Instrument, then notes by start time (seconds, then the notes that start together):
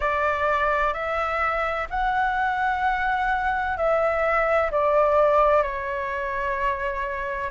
flute
0.00 D5
0.93 E5
1.90 F#5
3.77 E5
4.71 D5
5.62 C#5